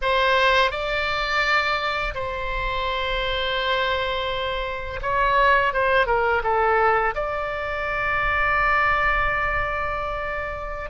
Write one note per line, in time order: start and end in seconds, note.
0.01 0.71 C5
0.71 2.14 D5
2.14 5.00 C5
5.02 5.73 C#5
5.73 6.06 C5
6.06 6.42 A#4
6.43 7.14 A4
7.15 10.89 D5